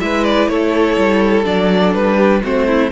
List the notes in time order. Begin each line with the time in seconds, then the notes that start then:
0.00 G#3 E4 B4 E5
0.24 D5
0.48 A3 A4 C#5
0.97 G3
1.45 F#3 D4 D5
1.94 G3 B4
2.17 G4
2.44 A3 C4 F#4 C5
2.68 E4